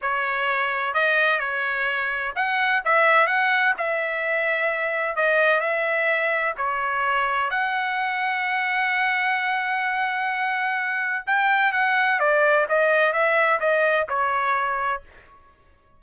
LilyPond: \new Staff \with { instrumentName = "trumpet" } { \time 4/4 \tempo 4 = 128 cis''2 dis''4 cis''4~ | cis''4 fis''4 e''4 fis''4 | e''2. dis''4 | e''2 cis''2 |
fis''1~ | fis''1 | g''4 fis''4 d''4 dis''4 | e''4 dis''4 cis''2 | }